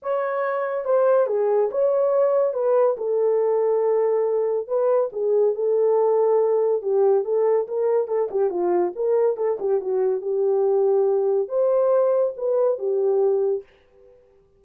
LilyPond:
\new Staff \with { instrumentName = "horn" } { \time 4/4 \tempo 4 = 141 cis''2 c''4 gis'4 | cis''2 b'4 a'4~ | a'2. b'4 | gis'4 a'2. |
g'4 a'4 ais'4 a'8 g'8 | f'4 ais'4 a'8 g'8 fis'4 | g'2. c''4~ | c''4 b'4 g'2 | }